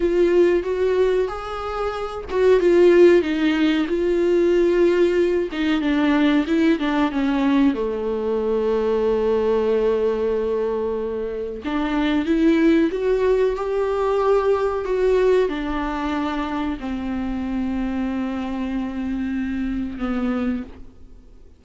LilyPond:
\new Staff \with { instrumentName = "viola" } { \time 4/4 \tempo 4 = 93 f'4 fis'4 gis'4. fis'8 | f'4 dis'4 f'2~ | f'8 dis'8 d'4 e'8 d'8 cis'4 | a1~ |
a2 d'4 e'4 | fis'4 g'2 fis'4 | d'2 c'2~ | c'2. b4 | }